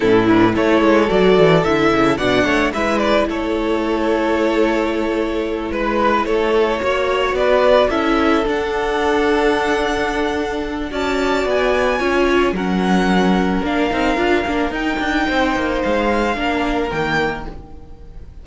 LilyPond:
<<
  \new Staff \with { instrumentName = "violin" } { \time 4/4 \tempo 4 = 110 a'8 b'8 cis''4 d''4 e''4 | fis''4 e''8 d''8 cis''2~ | cis''2~ cis''8 b'4 cis''8~ | cis''4. d''4 e''4 fis''8~ |
fis''1 | a''4 gis''2 fis''4~ | fis''4 f''2 g''4~ | g''4 f''2 g''4 | }
  \new Staff \with { instrumentName = "violin" } { \time 4/4 e'4 a'2. | d''8 cis''8 b'4 a'2~ | a'2~ a'8 b'4 a'8~ | a'8 cis''4 b'4 a'4.~ |
a'1 | d''2 cis''4 ais'4~ | ais'1 | c''2 ais'2 | }
  \new Staff \with { instrumentName = "viola" } { \time 4/4 cis'8 d'8 e'4 fis'4 e'4 | d'4 e'2.~ | e'1~ | e'8 fis'2 e'4 d'8~ |
d'1 | fis'2 f'4 cis'4~ | cis'4 d'8 dis'8 f'8 d'8 dis'4~ | dis'2 d'4 ais4 | }
  \new Staff \with { instrumentName = "cello" } { \time 4/4 a,4 a8 gis8 fis8 e8 d8 cis8 | b,8 a8 gis4 a2~ | a2~ a8 gis4 a8~ | a8 ais4 b4 cis'4 d'8~ |
d'1 | cis'4 b4 cis'4 fis4~ | fis4 ais8 c'8 d'8 ais8 dis'8 d'8 | c'8 ais8 gis4 ais4 dis4 | }
>>